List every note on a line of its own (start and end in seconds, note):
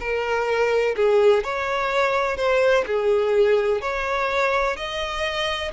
0.00 0.95 A#4
0.96 1.44 G#4
1.44 2.37 C#5
2.37 2.84 C5
2.87 3.81 G#4
3.81 4.77 C#5
4.77 5.72 D#5